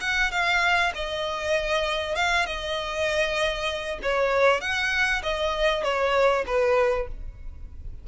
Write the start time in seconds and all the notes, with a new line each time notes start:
0.00 F#5
0.31 F5
0.94 D#5
2.15 F5
2.45 D#5
4.02 C#5
4.60 F#5
5.22 D#5
5.83 C#5
6.46 B4